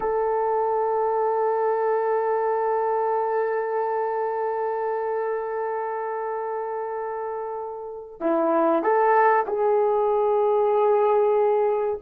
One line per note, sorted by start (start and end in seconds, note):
0.00 8.20 A4
8.20 8.82 E4
8.82 9.45 A4
9.47 11.99 G#4